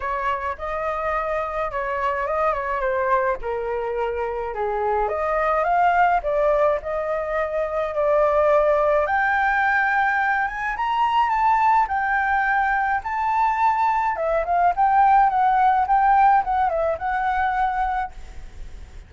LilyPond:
\new Staff \with { instrumentName = "flute" } { \time 4/4 \tempo 4 = 106 cis''4 dis''2 cis''4 | dis''8 cis''8 c''4 ais'2 | gis'4 dis''4 f''4 d''4 | dis''2 d''2 |
g''2~ g''8 gis''8 ais''4 | a''4 g''2 a''4~ | a''4 e''8 f''8 g''4 fis''4 | g''4 fis''8 e''8 fis''2 | }